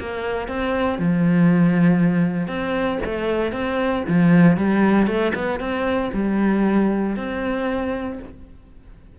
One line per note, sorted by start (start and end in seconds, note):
0.00 0.48 A#3
0.48 0.99 C4
0.99 2.48 F3
2.48 2.99 C4
3.05 3.53 A3
3.53 4.04 C4
4.09 4.57 F3
4.57 5.07 G3
5.07 5.33 A3
5.35 5.60 B3
5.60 6.11 C4
6.14 7.17 G3
7.17 8.19 C4